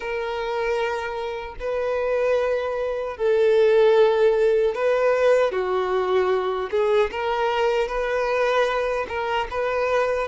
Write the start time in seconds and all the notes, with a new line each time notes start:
0.00 A#4
1.59 B4
3.17 A4
4.74 B4
5.51 F#4
6.70 G#4
7.11 A#4
7.88 B4
9.08 A#4
9.50 B4